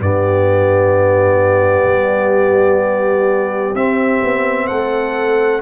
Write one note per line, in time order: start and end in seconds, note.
0.00 1.85 G2
0.00 3.75 B3
0.00 4.68 G4
0.00 3.75 D5
1.85 3.72 G3
3.75 4.21 C4
3.75 5.62 C4
3.75 4.67 E5
4.23 4.70 B3
4.67 5.62 A3
4.67 5.62 A4
4.67 5.61 F#5